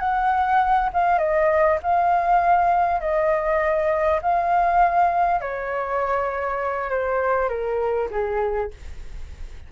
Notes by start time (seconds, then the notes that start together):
0.00 F#5
0.93 F5
1.18 D#5
1.83 F5
3.01 D#5
4.22 F5
5.41 C#5
6.90 C5
7.49 A#4
8.11 G#4